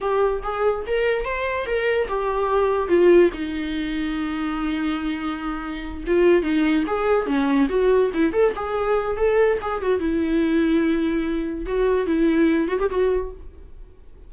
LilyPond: \new Staff \with { instrumentName = "viola" } { \time 4/4 \tempo 4 = 144 g'4 gis'4 ais'4 c''4 | ais'4 g'2 f'4 | dis'1~ | dis'2~ dis'8 f'4 dis'8~ |
dis'8 gis'4 cis'4 fis'4 e'8 | a'8 gis'4. a'4 gis'8 fis'8 | e'1 | fis'4 e'4. fis'16 g'16 fis'4 | }